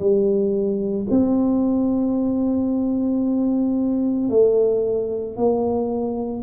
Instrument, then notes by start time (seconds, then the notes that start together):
tuba
0.00 G3
1.11 C4
4.30 A3
5.37 A#3